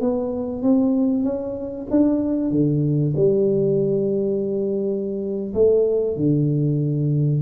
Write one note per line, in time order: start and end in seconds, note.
0.00 0.62 B3
0.62 1.23 C4
1.23 1.86 C#4
1.90 2.50 D4
2.50 3.13 D3
3.16 5.53 G3
5.54 6.16 A3
6.16 7.42 D3